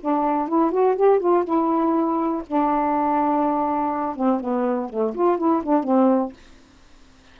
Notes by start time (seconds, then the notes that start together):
0.00 D4
0.48 E4
0.71 F#4
0.96 G4
1.20 F4
1.44 E4
2.47 D4
4.16 C4
4.40 B3
4.90 A3
5.15 F4
5.38 E4
5.63 D4
5.83 C4